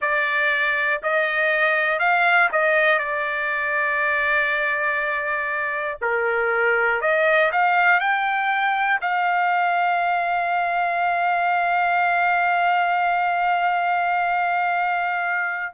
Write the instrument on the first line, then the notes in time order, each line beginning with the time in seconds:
trumpet
0.01 D5
1.02 D#5
1.99 F5
2.52 D#5
2.98 D5
6.01 A#4
7.00 D#5
7.52 F5
8.00 G5
9.01 F5